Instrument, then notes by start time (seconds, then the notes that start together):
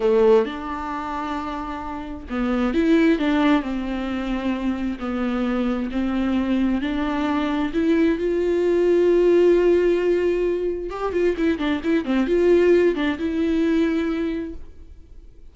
viola
0.00 A3
0.45 D4
2.29 B3
2.74 E4
3.18 D4
3.62 C4
4.99 B3
5.91 C4
6.81 D4
7.73 E4
8.18 F4
10.90 G4
11.12 F4
11.37 E4
11.58 D4
11.83 E4
12.05 C4
12.26 F4
12.95 D4
13.18 E4